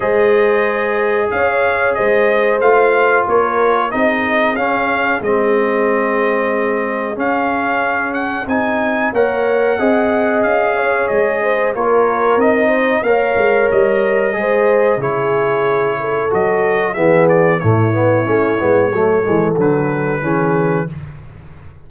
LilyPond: <<
  \new Staff \with { instrumentName = "trumpet" } { \time 4/4 \tempo 4 = 92 dis''2 f''4 dis''4 | f''4 cis''4 dis''4 f''4 | dis''2. f''4~ | f''8 fis''8 gis''4 fis''2 |
f''4 dis''4 cis''4 dis''4 | f''4 dis''2 cis''4~ | cis''4 dis''4 e''8 d''8 cis''4~ | cis''2 b'2 | }
  \new Staff \with { instrumentName = "horn" } { \time 4/4 c''2 cis''4 c''4~ | c''4 ais'4 gis'2~ | gis'1~ | gis'2 cis''4 dis''4~ |
dis''8 cis''4 c''8 ais'4. c''8 | cis''2 c''4 gis'4~ | gis'8 a'4. gis'4 e'4~ | e'4 a'2 gis'4 | }
  \new Staff \with { instrumentName = "trombone" } { \time 4/4 gis'1 | f'2 dis'4 cis'4 | c'2. cis'4~ | cis'4 dis'4 ais'4 gis'4~ |
gis'2 f'4 dis'4 | ais'2 gis'4 e'4~ | e'4 fis'4 b4 a8 b8 | cis'8 b8 a8 gis8 fis4 cis'4 | }
  \new Staff \with { instrumentName = "tuba" } { \time 4/4 gis2 cis'4 gis4 | a4 ais4 c'4 cis'4 | gis2. cis'4~ | cis'4 c'4 ais4 c'4 |
cis'4 gis4 ais4 c'4 | ais8 gis8 g4 gis4 cis4~ | cis4 fis4 e4 a,4 | a8 gis8 fis8 e8 d4 e4 | }
>>